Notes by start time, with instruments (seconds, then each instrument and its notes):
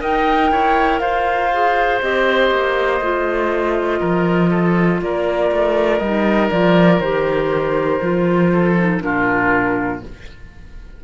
0.00 cello D#4, clarinet A#4, oboe D#5, flute G5
0.51 cello E4, oboe C#5
0.99 cello F4, oboe C5, flute F5
1.53 clarinet G#4
2.01 cello C4, clarinet G4, flute D#5
2.51 cello A#3
3.01 cello A3, clarinet F4
4.00 cello F3, oboe A#4
4.50 oboe A4
5.01 cello A#3, oboe A#4, flute D5
5.52 cello A3
5.99 cello G3, clarinet D#4, flute D#5
6.50 cello F3, clarinet F4, flute D5
7.00 cello D#3, clarinet G4, flute C5
8.01 cello F3, clarinet F4
8.53 oboe A4
8.77 clarinet D#4
9.01 cello A#2, clarinet D4, oboe F4, flute A#4